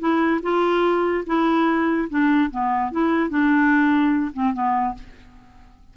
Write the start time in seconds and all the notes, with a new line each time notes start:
0.00 E4
0.43 F4
1.27 E4
2.10 D4
2.51 B3
2.92 E4
3.30 D4
4.34 C4
4.54 B3